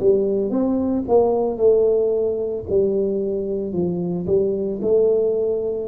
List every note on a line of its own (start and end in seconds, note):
0.00 0.51 G3
0.51 1.04 C4
1.08 1.57 A#3
1.57 2.64 A3
2.69 3.73 G3
3.73 4.27 F3
4.27 4.80 G3
4.82 5.88 A3